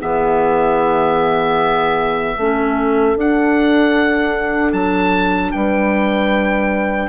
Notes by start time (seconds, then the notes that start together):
0.00 E3 B3 G#4 E5
2.37 A3 C#4 A4
3.16 D4 F#5
4.73 F#3 A5
5.52 G3 B4 G5